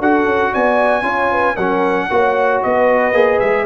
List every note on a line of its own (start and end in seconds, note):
0.00 0.25 D4
0.00 1.03 F#4
0.00 0.52 A4
0.00 0.54 F#5
0.25 0.51 C#4
0.52 1.03 B3
0.52 1.05 D5
0.52 1.57 G#5
1.03 1.55 C#4
1.03 1.56 F4
1.03 1.32 C#5
1.32 1.55 B4
1.55 2.10 F#3
1.55 2.07 A#4
1.55 2.61 F#5
1.61 2.10 C#4
2.10 2.63 A#3
2.10 3.14 F#4
2.10 2.65 C#5
2.63 3.12 B3
2.63 3.66 B4
2.63 3.40 D#5
3.12 3.38 A#3
3.12 3.66 G#4
3.40 3.66 G#3
3.40 3.66 E5